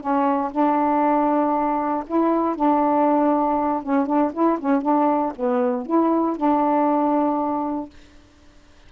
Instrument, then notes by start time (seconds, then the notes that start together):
saxophone
0.00 C#4
0.51 D4
2.06 E4
2.55 D4
3.83 C#4
4.06 D4
4.33 E4
4.59 C#4
4.82 D4
5.36 B3
5.86 E4
6.37 D4